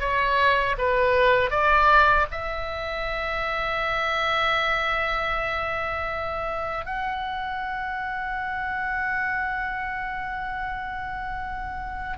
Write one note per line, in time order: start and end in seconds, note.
0.00 0.76 C#5
0.78 1.51 B4
1.51 2.26 D5
2.32 6.86 E5
6.86 12.17 F#5